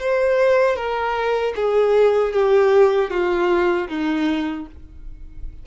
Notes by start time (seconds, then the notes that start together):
0.00 C5
0.76 A#4
1.56 G#4
2.33 G4
3.10 F4
3.89 D#4